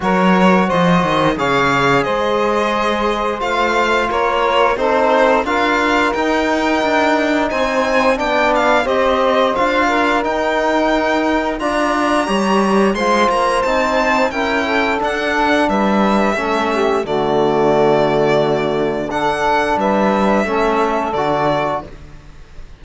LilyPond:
<<
  \new Staff \with { instrumentName = "violin" } { \time 4/4 \tempo 4 = 88 cis''4 dis''4 f''4 dis''4~ | dis''4 f''4 cis''4 c''4 | f''4 g''2 gis''4 | g''8 f''8 dis''4 f''4 g''4~ |
g''4 ais''2 c'''8 ais''8 | a''4 g''4 fis''4 e''4~ | e''4 d''2. | fis''4 e''2 d''4 | }
  \new Staff \with { instrumentName = "saxophone" } { \time 4/4 ais'4 c''4 cis''4 c''4~ | c''2 ais'4 a'4 | ais'2. c''4 | d''4 c''4. ais'4.~ |
ais'4 d''4 cis''4 c''4~ | c''4 ais'8 a'4. b'4 | a'8 g'8 fis'2. | a'4 b'4 a'2 | }
  \new Staff \with { instrumentName = "trombone" } { \time 4/4 fis'2 gis'2~ | gis'4 f'2 dis'4 | f'4 dis'2. | d'4 g'4 f'4 dis'4~ |
dis'4 f'4 g'4 f'4 | dis'4 e'4 d'2 | cis'4 a2. | d'2 cis'4 fis'4 | }
  \new Staff \with { instrumentName = "cello" } { \time 4/4 fis4 f8 dis8 cis4 gis4~ | gis4 a4 ais4 c'4 | d'4 dis'4 d'4 c'4 | b4 c'4 d'4 dis'4~ |
dis'4 d'4 g4 gis8 ais8 | c'4 cis'4 d'4 g4 | a4 d2.~ | d4 g4 a4 d4 | }
>>